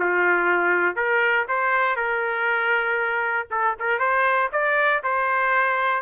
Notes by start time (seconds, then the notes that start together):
0.00 F4
0.96 A#4
1.49 C5
1.96 A#4
3.51 A4
3.80 A#4
3.99 C5
4.53 D5
5.04 C5